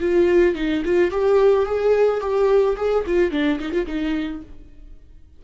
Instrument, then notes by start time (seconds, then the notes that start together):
viola
0.00 F4
0.55 D#4
0.85 F4
1.11 G4
1.65 G#4
2.20 G4
2.76 G#4
3.06 F4
3.31 D4
3.59 D#4
3.72 F4
3.86 D#4